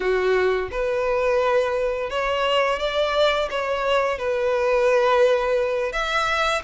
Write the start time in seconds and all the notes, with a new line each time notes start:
0.00 F#4
0.71 B4
2.10 C#5
2.79 D5
3.50 C#5
4.18 B4
5.92 E5